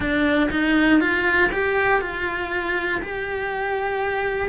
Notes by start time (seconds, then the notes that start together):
0.00 D4
0.50 D#4
1.00 F4
1.51 G4
2.01 F4
3.02 G4